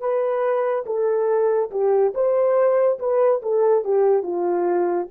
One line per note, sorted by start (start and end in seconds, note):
0.00 0.85 B4
0.86 1.71 A4
1.71 2.14 G4
2.15 2.99 C5
2.99 3.41 B4
3.43 3.85 A4
3.85 4.23 G4
4.23 5.07 F4